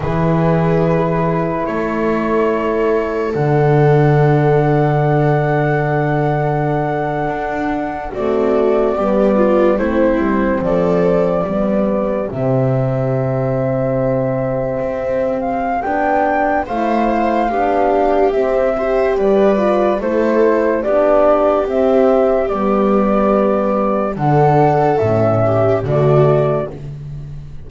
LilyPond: <<
  \new Staff \with { instrumentName = "flute" } { \time 4/4 \tempo 4 = 72 b'2 cis''2 | fis''1~ | fis''4.~ fis''16 d''2 c''16~ | c''8. d''2 e''4~ e''16~ |
e''2~ e''8 f''8 g''4 | f''2 e''4 d''4 | c''4 d''4 e''4 d''4~ | d''4 fis''4 e''4 d''4 | }
  \new Staff \with { instrumentName = "viola" } { \time 4/4 gis'2 a'2~ | a'1~ | a'4.~ a'16 fis'4 g'8 f'8 e'16~ | e'8. a'4 g'2~ g'16~ |
g'1 | c''4 g'4. c''8 b'4 | a'4 g'2.~ | g'4 a'4. g'8 fis'4 | }
  \new Staff \with { instrumentName = "horn" } { \time 4/4 e'1 | d'1~ | d'4.~ d'16 a4 b4 c'16~ | c'4.~ c'16 b4 c'4~ c'16~ |
c'2. d'4 | e'4 d'4 c'8 g'4 f'8 | e'4 d'4 c'4 b4~ | b4 d'4 cis'4 a4 | }
  \new Staff \with { instrumentName = "double bass" } { \time 4/4 e2 a2 | d1~ | d8. d'4 c'4 g4 a16~ | a16 g8 f4 g4 c4~ c16~ |
c4.~ c16 c'4~ c'16 b4 | a4 b4 c'4 g4 | a4 b4 c'4 g4~ | g4 d4 a,4 d4 | }
>>